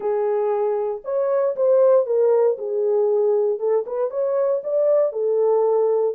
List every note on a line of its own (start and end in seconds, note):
0.00 1.01 G#4
1.04 1.55 C#5
1.56 2.05 C5
2.05 2.57 A#4
2.58 3.59 G#4
3.59 3.84 A4
3.86 4.10 B4
4.10 4.61 C#5
4.63 5.12 D5
5.12 6.15 A4